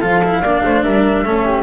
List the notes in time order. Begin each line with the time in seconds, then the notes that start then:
0.00 F3 F4 A4 F5
0.24 E4
0.42 A#3 D4 D5
0.64 A3 C5
0.83 G3 A#4 E5
1.25 A3 C#4 A4
1.45 G4